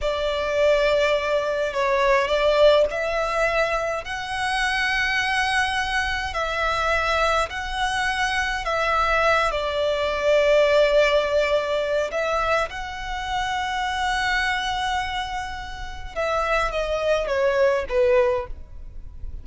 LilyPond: \new Staff \with { instrumentName = "violin" } { \time 4/4 \tempo 4 = 104 d''2. cis''4 | d''4 e''2 fis''4~ | fis''2. e''4~ | e''4 fis''2 e''4~ |
e''8 d''2.~ d''8~ | d''4 e''4 fis''2~ | fis''1 | e''4 dis''4 cis''4 b'4 | }